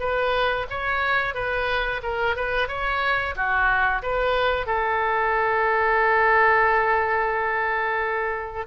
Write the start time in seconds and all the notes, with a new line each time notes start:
0.00 B4
0.70 C#5
1.35 B4
2.03 A#4
2.37 B4
2.68 C#5
3.36 F#4
4.03 B4
4.67 A4